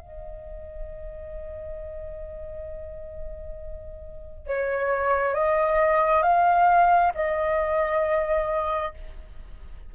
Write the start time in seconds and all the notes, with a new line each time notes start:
0.00 D#5
4.47 C#5
5.34 D#5
6.22 F5
7.14 D#5